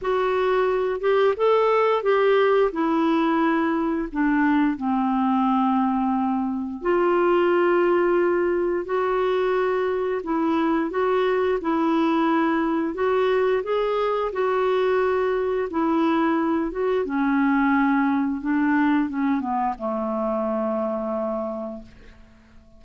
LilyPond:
\new Staff \with { instrumentName = "clarinet" } { \time 4/4 \tempo 4 = 88 fis'4. g'8 a'4 g'4 | e'2 d'4 c'4~ | c'2 f'2~ | f'4 fis'2 e'4 |
fis'4 e'2 fis'4 | gis'4 fis'2 e'4~ | e'8 fis'8 cis'2 d'4 | cis'8 b8 a2. | }